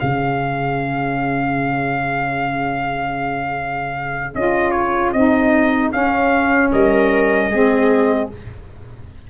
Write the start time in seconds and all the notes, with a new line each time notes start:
0.00 C#3 C#4 G#4 F5
4.35 C#4 F4 D#5
4.71 C#5
5.12 C4 D#4 D#5
5.92 C#4 F5
6.72 G3 A#4 D#5
7.49 G#3 C4 G#4